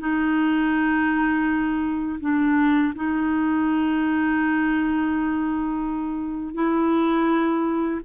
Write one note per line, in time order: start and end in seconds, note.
0.00 2.20 D#4
2.21 2.94 D4
2.95 6.55 D#4
6.55 8.01 E4